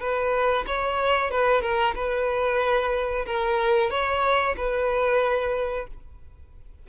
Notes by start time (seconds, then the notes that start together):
0.00 B4
0.67 C#5
1.31 B4
1.62 A#4
1.95 B4
3.26 A#4
3.91 C#5
4.57 B4